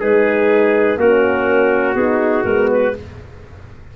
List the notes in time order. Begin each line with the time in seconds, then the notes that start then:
0.00 G#3 D#4 G#4 B4
0.97 A#3 C#4 F#4 A#4
1.94 B3 D#4 G#4
2.43 G#3 B3 A#4
2.71 B4